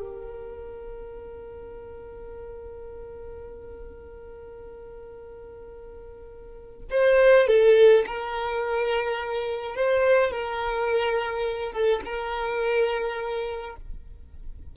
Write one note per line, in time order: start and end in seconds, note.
0.00 6.86 A#4
6.91 7.48 C5
7.48 8.05 A4
8.06 9.76 A#4
9.76 10.31 C5
10.31 11.73 A#4
11.73 12.01 A4
12.05 13.76 A#4